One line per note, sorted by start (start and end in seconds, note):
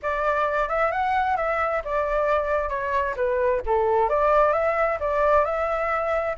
0.02 0.68 D5
0.68 0.91 E5
0.91 1.36 F#5
1.36 1.82 E5
1.84 2.69 D5
2.69 3.14 C#5
3.16 3.61 B4
3.66 4.09 A4
4.09 4.52 D5
4.52 4.98 E5
5.00 5.44 D5
5.44 6.35 E5